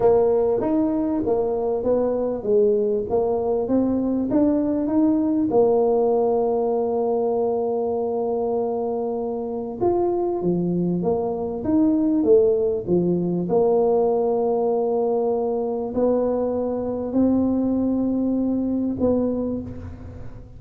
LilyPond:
\new Staff \with { instrumentName = "tuba" } { \time 4/4 \tempo 4 = 98 ais4 dis'4 ais4 b4 | gis4 ais4 c'4 d'4 | dis'4 ais2.~ | ais1 |
f'4 f4 ais4 dis'4 | a4 f4 ais2~ | ais2 b2 | c'2. b4 | }